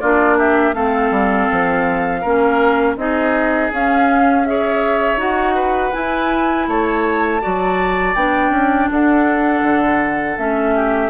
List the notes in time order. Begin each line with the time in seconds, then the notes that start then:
0.00 A#3 D4 F4 D5
0.38 G4 E5
0.73 A3 C4 A4 F5
1.11 G3
1.51 F3
2.21 A#3 C#4 A#4
2.96 C4 D#4 G#4 D#5
3.72 C#4 F5
4.45 G#4 C#5 E5
5.16 D#4 F#4 F#5
5.55 B4
5.92 E4 G#5
6.67 A3 C#5 A5
7.41 F#3 F#4 D5
8.15 B3 D4 G5
8.50 C#4
8.91 D4 A4 F#5
9.62 D3
10.38 A3 C#4 E5
10.75 G4